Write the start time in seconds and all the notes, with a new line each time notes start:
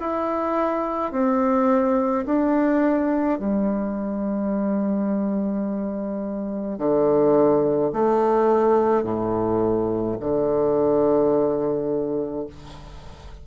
0.00 E4
1.12 C4
2.26 D4
3.39 G3
6.79 D3
7.93 A3
9.04 A2
10.20 D3